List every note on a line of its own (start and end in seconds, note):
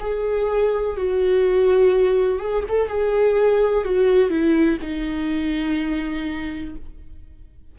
0.00 0.97 G#4
0.97 2.40 F#4
2.40 2.64 G#4
2.69 2.89 A4
2.89 3.85 G#4
3.85 4.30 F#4
4.30 4.79 E4
4.82 6.76 D#4